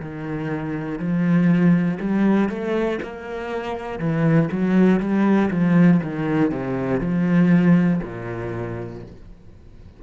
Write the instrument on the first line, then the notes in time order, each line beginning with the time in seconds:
cello
0.00 D#3
0.98 F3
2.00 G3
2.49 A3
3.02 A#3
3.98 E3
4.51 F#3
5.00 G3
5.50 F3
6.03 D#3
6.51 C3
7.00 F3
8.02 A#2